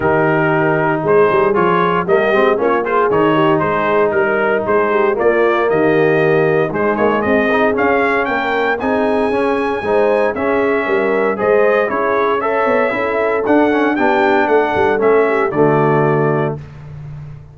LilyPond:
<<
  \new Staff \with { instrumentName = "trumpet" } { \time 4/4 \tempo 4 = 116 ais'2 c''4 cis''4 | dis''4 cis''8 c''8 cis''4 c''4 | ais'4 c''4 d''4 dis''4~ | dis''4 c''8 cis''8 dis''4 f''4 |
g''4 gis''2. | e''2 dis''4 cis''4 | e''2 fis''4 g''4 | fis''4 e''4 d''2 | }
  \new Staff \with { instrumentName = "horn" } { \time 4/4 g'2 gis'2 | g'4 f'8 gis'4 g'8 gis'4 | ais'4 gis'8 g'8 f'4 g'4~ | g'4 dis'4 gis'2 |
ais'4 gis'2 c''4 | gis'4 ais'4 c''4 gis'4 | cis''4 a'2 g'4 | a'4. g'8 fis'2 | }
  \new Staff \with { instrumentName = "trombone" } { \time 4/4 dis'2. f'4 | ais8 c'8 cis'8 f'8 dis'2~ | dis'2 ais2~ | ais4 gis4. dis'8 cis'4~ |
cis'4 dis'4 cis'4 dis'4 | cis'2 gis'4 e'4 | a'4 e'4 d'8 cis'8 d'4~ | d'4 cis'4 a2 | }
  \new Staff \with { instrumentName = "tuba" } { \time 4/4 dis2 gis8 g8 f4 | g8 gis8 ais4 dis4 gis4 | g4 gis4 ais4 dis4~ | dis4 gis8 ais8 c'4 cis'4 |
ais4 c'4 cis'4 gis4 | cis'4 g4 gis4 cis'4~ | cis'8 b8 cis'4 d'4 b4 | a8 g8 a4 d2 | }
>>